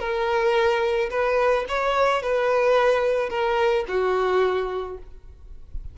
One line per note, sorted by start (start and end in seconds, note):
0.00 1.10 A#4
1.11 1.66 B4
1.69 2.23 C#5
2.23 3.30 B4
3.30 3.85 A#4
3.89 4.99 F#4